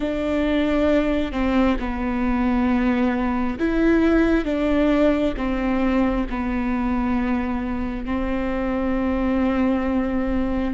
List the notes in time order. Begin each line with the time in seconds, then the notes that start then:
0.00 D4
1.31 C4
1.79 B3
3.58 E4
4.44 D4
5.36 C4
6.29 B3
8.05 C4